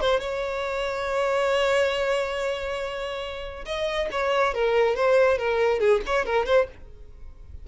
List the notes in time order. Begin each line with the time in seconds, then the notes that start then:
0.00 C5
0.19 C#5
3.65 D#5
4.11 C#5
4.54 A#4
4.95 C5
5.38 A#4
5.79 G#4
6.06 C#5
6.25 A#4
6.45 C5